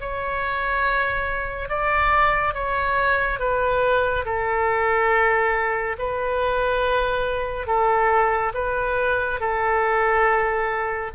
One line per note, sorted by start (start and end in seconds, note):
0.00 1.68 C#5
1.68 2.54 D5
2.54 3.39 C#5
3.39 4.25 B4
4.25 5.96 A4
5.98 7.66 B4
7.66 8.52 A4
8.54 9.40 B4
9.40 11.11 A4